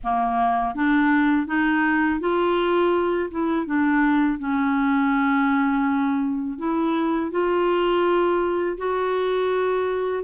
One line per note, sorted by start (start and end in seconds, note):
0.03 0.75 A#3
0.75 1.46 D4
1.46 2.20 D#4
2.20 3.29 F4
3.31 3.66 E4
3.66 4.38 D4
4.38 6.58 C#4
6.58 7.31 E4
7.31 8.77 F4
8.77 10.23 F#4